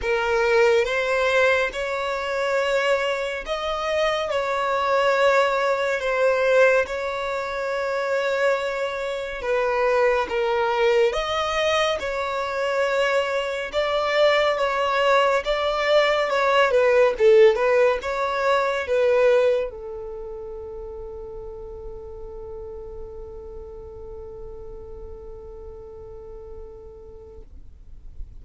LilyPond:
\new Staff \with { instrumentName = "violin" } { \time 4/4 \tempo 4 = 70 ais'4 c''4 cis''2 | dis''4 cis''2 c''4 | cis''2. b'4 | ais'4 dis''4 cis''2 |
d''4 cis''4 d''4 cis''8 b'8 | a'8 b'8 cis''4 b'4 a'4~ | a'1~ | a'1 | }